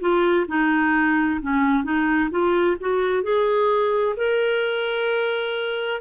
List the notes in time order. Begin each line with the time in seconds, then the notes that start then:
0.00 F4
0.47 D#4
1.41 C#4
1.83 D#4
2.30 F4
2.80 F#4
3.23 G#4
4.17 A#4